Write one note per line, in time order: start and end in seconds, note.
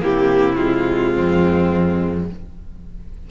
0.00 1.17 C3
0.00 0.57 A#3
0.00 1.13 E4
0.00 0.55 G4
0.55 2.29 G#3
0.55 2.25 F4
1.13 2.31 F2
1.13 2.26 C4